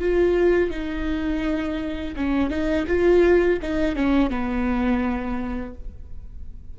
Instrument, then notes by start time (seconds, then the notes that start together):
viola
0.00 F4
0.71 D#4
2.17 C#4
2.50 D#4
2.88 F4
3.62 D#4
3.96 C#4
4.30 B3